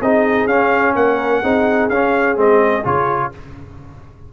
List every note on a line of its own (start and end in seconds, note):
0.00 0.46 C4
0.00 0.49 D#4
0.00 0.94 G#4
0.00 0.47 D#5
0.46 0.93 C#4
0.46 1.43 C#4
0.46 0.94 F5
0.95 1.42 A#3
0.95 1.42 A#4
0.95 1.89 F#5
1.42 1.89 C4
1.42 1.90 D#4
1.42 3.31 G#4
1.89 2.37 C#4
1.89 2.36 C#4
1.89 2.36 F5
2.36 2.84 G#3
2.36 2.83 C4
2.36 2.86 D#5
2.84 3.32 C#3
2.84 3.32 F4
2.84 3.33 C#5